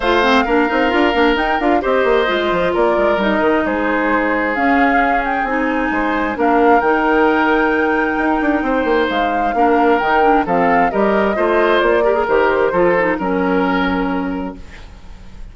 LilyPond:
<<
  \new Staff \with { instrumentName = "flute" } { \time 4/4 \tempo 4 = 132 f''2. g''8 f''8 | dis''2 d''4 dis''4 | c''2 f''4. g''8 | gis''2 f''4 g''4~ |
g''1 | f''2 g''4 f''4 | dis''2 d''4 c''4~ | c''4 ais'2. | }
  \new Staff \with { instrumentName = "oboe" } { \time 4/4 c''4 ais'2. | c''2 ais'2 | gis'1~ | gis'4 c''4 ais'2~ |
ais'2. c''4~ | c''4 ais'2 a'4 | ais'4 c''4. ais'4. | a'4 ais'2. | }
  \new Staff \with { instrumentName = "clarinet" } { \time 4/4 f'8 c'8 d'8 dis'8 f'8 d'8 dis'8 f'8 | g'4 f'2 dis'4~ | dis'2 cis'2 | dis'2 d'4 dis'4~ |
dis'1~ | dis'4 d'4 dis'8 d'8 c'4 | g'4 f'4. g'16 gis'16 g'4 | f'8 dis'8 cis'2. | }
  \new Staff \with { instrumentName = "bassoon" } { \time 4/4 a4 ais8 c'8 d'8 ais8 dis'8 d'8 | c'8 ais8 gis8 f8 ais8 gis8 g8 dis8 | gis2 cis'2 | c'4 gis4 ais4 dis4~ |
dis2 dis'8 d'8 c'8 ais8 | gis4 ais4 dis4 f4 | g4 a4 ais4 dis4 | f4 fis2. | }
>>